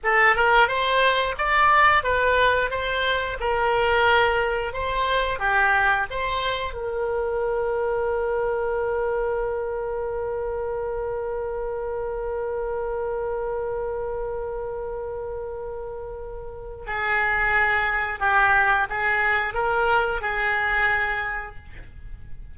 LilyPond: \new Staff \with { instrumentName = "oboe" } { \time 4/4 \tempo 4 = 89 a'8 ais'8 c''4 d''4 b'4 | c''4 ais'2 c''4 | g'4 c''4 ais'2~ | ais'1~ |
ais'1~ | ais'1~ | ais'4 gis'2 g'4 | gis'4 ais'4 gis'2 | }